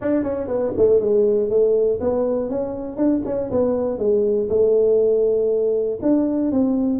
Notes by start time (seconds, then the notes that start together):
0.01 D4
0.23 C#4
0.47 B3
0.77 A3
1.00 G#3
1.49 A3
2.00 B3
2.49 C#4
2.96 D4
3.25 C#4
3.50 B3
3.98 G#3
4.49 A3
6.02 D4
6.51 C4